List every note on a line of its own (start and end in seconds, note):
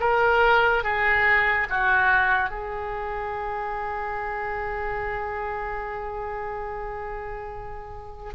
0.00 0.83 A#4
0.83 1.67 G#4
1.69 2.50 F#4
2.50 8.33 G#4